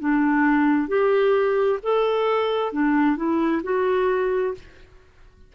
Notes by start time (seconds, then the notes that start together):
0.00 D4
0.88 G4
1.83 A4
2.73 D4
3.17 E4
3.64 F#4